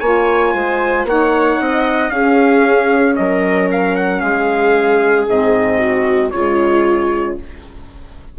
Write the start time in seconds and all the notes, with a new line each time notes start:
0.00 A#3 F4 C#5 G#5
0.54 G#3 C5
1.05 A#3 D#4 C#5 F#5
1.61 C4 D#5
2.10 C#4 G#4 F5
3.16 F#3 A#4 D#5
3.72 F5
3.96 F#5
4.20 G#3 G#4 F5
5.28 G#2 C4 D#5
5.79 F#4
6.31 C#3 G#3 F4 C#5